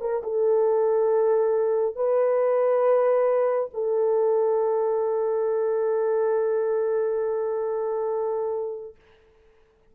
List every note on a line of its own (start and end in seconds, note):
0.00 0.22 A#4
0.23 1.95 A4
1.95 3.69 B4
3.74 8.95 A4